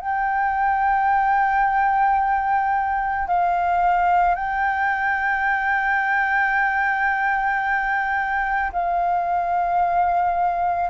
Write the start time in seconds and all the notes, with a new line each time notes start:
0.00 G5
3.27 F5
4.35 G5
8.72 F5